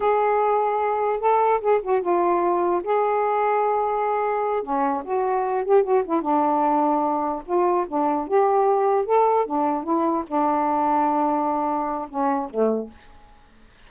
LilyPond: \new Staff \with { instrumentName = "saxophone" } { \time 4/4 \tempo 4 = 149 gis'2. a'4 | gis'8 fis'8 f'2 gis'4~ | gis'2.~ gis'8 cis'8~ | cis'8 fis'4. g'8 fis'8 e'8 d'8~ |
d'2~ d'8 f'4 d'8~ | d'8 g'2 a'4 d'8~ | d'8 e'4 d'2~ d'8~ | d'2 cis'4 a4 | }